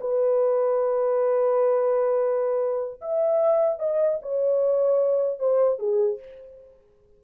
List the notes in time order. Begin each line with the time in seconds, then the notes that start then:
0.00 B4
3.01 E5
3.79 D#5
4.22 C#5
5.39 C5
5.79 G#4